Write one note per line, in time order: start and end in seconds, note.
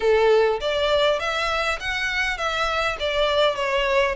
0.00 0.59 A4
0.60 1.19 D5
1.19 1.78 E5
1.80 2.37 F#5
2.37 2.96 E5
2.99 3.55 D5
3.55 4.15 C#5